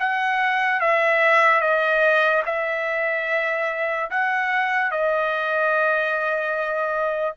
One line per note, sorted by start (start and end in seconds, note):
0.00 0.81 F#5
0.81 1.61 E5
1.61 2.44 D#5
2.46 4.11 E5
4.11 4.92 F#5
4.92 7.37 D#5